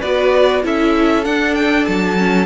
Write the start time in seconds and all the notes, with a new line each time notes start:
0.00 B3 F#4 B4 D5
0.62 C#4 E4 A4 E5
1.24 D4 F#5
1.55 G5
1.85 F#3 A5
2.17 C#4